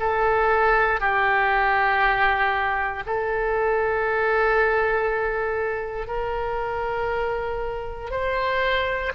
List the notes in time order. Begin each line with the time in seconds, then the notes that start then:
0.00 A4
1.00 G4
3.06 A4
6.07 A#4
8.11 C5